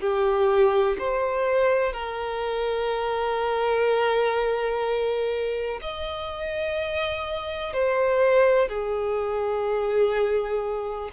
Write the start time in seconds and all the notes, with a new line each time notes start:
0.00 G4
0.99 C5
1.93 A#4
5.82 D#5
7.73 C5
8.68 G#4